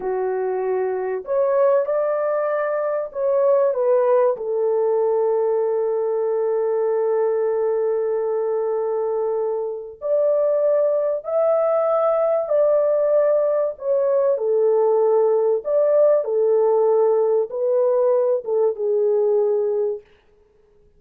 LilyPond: \new Staff \with { instrumentName = "horn" } { \time 4/4 \tempo 4 = 96 fis'2 cis''4 d''4~ | d''4 cis''4 b'4 a'4~ | a'1~ | a'1 |
d''2 e''2 | d''2 cis''4 a'4~ | a'4 d''4 a'2 | b'4. a'8 gis'2 | }